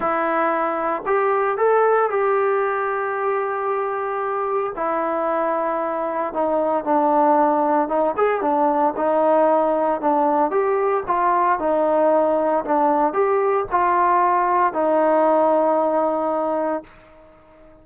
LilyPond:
\new Staff \with { instrumentName = "trombone" } { \time 4/4 \tempo 4 = 114 e'2 g'4 a'4 | g'1~ | g'4 e'2. | dis'4 d'2 dis'8 gis'8 |
d'4 dis'2 d'4 | g'4 f'4 dis'2 | d'4 g'4 f'2 | dis'1 | }